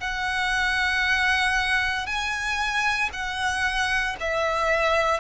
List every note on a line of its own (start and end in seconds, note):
0.00 2.06 F#5
2.06 3.10 G#5
3.13 4.16 F#5
4.20 5.20 E5